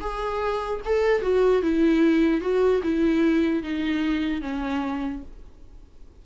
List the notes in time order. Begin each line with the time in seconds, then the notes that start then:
0.00 G#4
0.85 A4
1.22 F#4
1.62 E4
2.41 F#4
2.83 E4
3.63 D#4
4.41 C#4